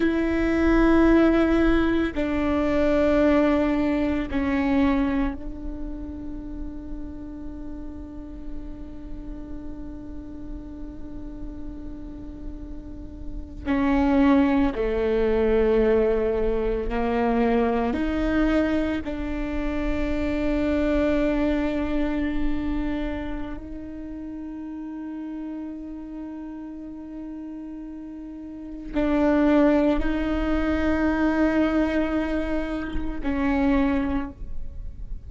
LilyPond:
\new Staff \with { instrumentName = "viola" } { \time 4/4 \tempo 4 = 56 e'2 d'2 | cis'4 d'2.~ | d'1~ | d'8. cis'4 a2 ais16~ |
ais8. dis'4 d'2~ d'16~ | d'2 dis'2~ | dis'2. d'4 | dis'2. cis'4 | }